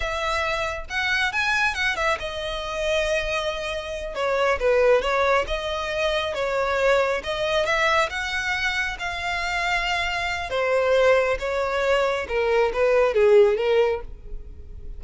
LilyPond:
\new Staff \with { instrumentName = "violin" } { \time 4/4 \tempo 4 = 137 e''2 fis''4 gis''4 | fis''8 e''8 dis''2.~ | dis''4. cis''4 b'4 cis''8~ | cis''8 dis''2 cis''4.~ |
cis''8 dis''4 e''4 fis''4.~ | fis''8 f''2.~ f''8 | c''2 cis''2 | ais'4 b'4 gis'4 ais'4 | }